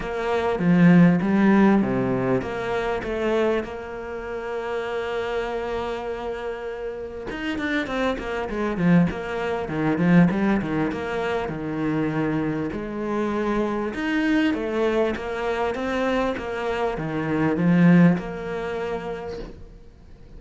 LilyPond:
\new Staff \with { instrumentName = "cello" } { \time 4/4 \tempo 4 = 99 ais4 f4 g4 c4 | ais4 a4 ais2~ | ais1 | dis'8 d'8 c'8 ais8 gis8 f8 ais4 |
dis8 f8 g8 dis8 ais4 dis4~ | dis4 gis2 dis'4 | a4 ais4 c'4 ais4 | dis4 f4 ais2 | }